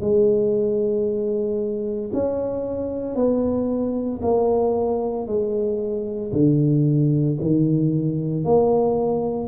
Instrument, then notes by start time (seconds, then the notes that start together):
tuba
0.00 G#3
2.13 C#4
3.15 B3
4.22 A#3
5.27 G#3
6.32 D3
7.41 D#3
8.44 A#3